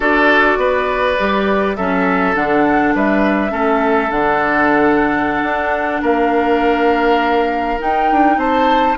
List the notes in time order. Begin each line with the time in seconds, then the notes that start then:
0.00 D4 F#4 A4 D5
0.57 B3 B4
1.18 G3 G4
1.76 F#3 C#4 A4 E5
2.34 D3 D4 F#5
2.94 G3 B4 E5
3.49 A3 C#4 A4
4.10 D3 D4 F#5
5.42 D4
6.01 A#3 A#4 F5
7.79 D#4 G5
8.11 D4
8.36 C4 C5 A5